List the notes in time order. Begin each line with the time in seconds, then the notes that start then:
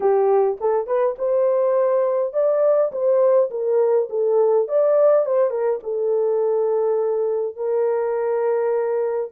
0.00 G4
0.60 A4
0.86 B4
1.18 C5
2.33 D5
2.92 C5
3.50 A#4
4.09 A4
4.68 D5
5.25 C5
5.50 A#4
5.83 A4
7.55 A#4